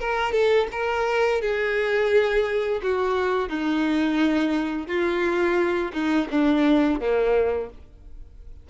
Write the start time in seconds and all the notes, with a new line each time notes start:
0.00 A#4
0.33 A4
0.72 A#4
1.42 G#4
2.83 F#4
3.49 D#4
4.88 F4
5.93 D#4
6.31 D4
7.01 A#3